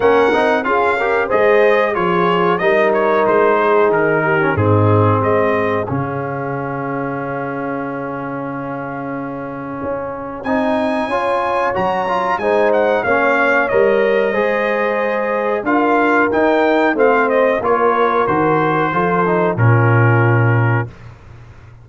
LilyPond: <<
  \new Staff \with { instrumentName = "trumpet" } { \time 4/4 \tempo 4 = 92 fis''4 f''4 dis''4 cis''4 | dis''8 cis''8 c''4 ais'4 gis'4 | dis''4 f''2.~ | f''1 |
gis''2 ais''4 gis''8 fis''8 | f''4 dis''2. | f''4 g''4 f''8 dis''8 cis''4 | c''2 ais'2 | }
  \new Staff \with { instrumentName = "horn" } { \time 4/4 ais'4 gis'8 ais'8 c''4 gis'4 | ais'4. gis'4 g'8 dis'4 | gis'1~ | gis'1~ |
gis'4 cis''2 c''4 | cis''2 c''2 | ais'2 c''4 ais'4~ | ais'4 a'4 f'2 | }
  \new Staff \with { instrumentName = "trombone" } { \time 4/4 cis'8 dis'8 f'8 g'8 gis'4 f'4 | dis'2~ dis'8. cis'16 c'4~ | c'4 cis'2.~ | cis'1 |
dis'4 f'4 fis'8 f'8 dis'4 | cis'4 ais'4 gis'2 | f'4 dis'4 c'4 f'4 | fis'4 f'8 dis'8 cis'2 | }
  \new Staff \with { instrumentName = "tuba" } { \time 4/4 ais8 c'8 cis'4 gis4 f4 | g4 gis4 dis4 gis,4 | gis4 cis2.~ | cis2. cis'4 |
c'4 cis'4 fis4 gis4 | ais4 g4 gis2 | d'4 dis'4 a4 ais4 | dis4 f4 ais,2 | }
>>